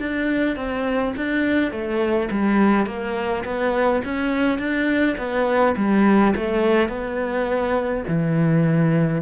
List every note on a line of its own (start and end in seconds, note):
0.00 0.57 D4
0.57 1.14 C4
1.17 1.72 D4
1.72 2.30 A3
2.31 2.87 G3
2.87 3.45 A#3
3.45 4.03 B3
4.05 4.59 C#4
4.59 5.17 D4
5.18 5.76 B3
5.77 6.35 G3
6.36 6.89 A3
6.89 8.04 B3
8.08 9.22 E3